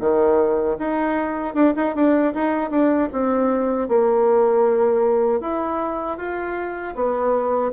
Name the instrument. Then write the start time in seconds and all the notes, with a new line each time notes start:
bassoon
0.00 D#3
0.79 D#4
1.54 D4
1.76 D#4
1.95 D4
2.34 D#4
2.70 D4
3.13 C4
3.88 A#3
5.41 E4
6.17 F4
6.95 B3